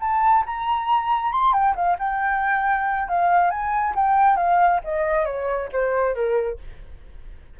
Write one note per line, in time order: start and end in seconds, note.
0.00 0.44 A5
0.46 1.32 A#5
1.32 1.53 C6
1.53 1.75 G5
1.75 1.97 F5
1.99 3.08 G5
3.09 3.50 F5
3.50 3.94 G#5
3.95 4.36 G5
4.36 4.80 F5
4.84 5.25 D#5
5.25 5.69 C#5
5.72 6.15 C5
6.15 6.58 A#4